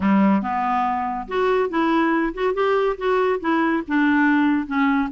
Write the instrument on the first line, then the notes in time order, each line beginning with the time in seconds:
clarinet
0.00 G3
0.42 B3
1.28 F#4
1.69 E4
2.34 F#4
2.54 G4
2.97 F#4
3.40 E4
3.87 D4
4.66 C#4